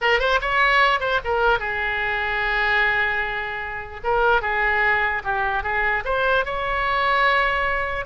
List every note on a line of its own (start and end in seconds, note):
0.01 0.19 A#4
0.19 0.39 C5
0.41 0.99 C#5
0.99 1.20 C5
1.24 1.59 A#4
1.59 4.00 G#4
4.03 4.41 A#4
4.41 5.22 G#4
5.23 5.63 G4
5.63 6.03 G#4
6.04 6.45 C5
6.45 8.05 C#5